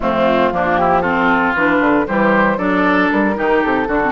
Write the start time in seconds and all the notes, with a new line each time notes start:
0.00 F2 A3 C4 F4
0.51 F3 A#3 D4
0.77 E4 G4
1.01 C4 F4 A4
1.54 E3 D4 B4
1.80 D3
2.06 E3 G3 G4 C5
2.57 F#3 D4 A4 D5
3.11 G3 A#4
3.34 D#3 D#4 G4
3.63 C3 A4
3.87 D3 D4 F#4
4.03 C4